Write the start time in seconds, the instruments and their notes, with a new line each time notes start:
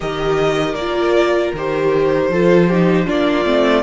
0.00 cello D#3, viola G4, violin A#4 D#5
0.74 cello A#3, viola F4, violin D5
1.53 cello D#3, viola G4, violin C5
2.29 cello F3, viola F4, violin A4
2.69 viola D#4, violin G4
3.06 cello A#3, viola D4, violin F4 D5
3.44 cello A3, viola C4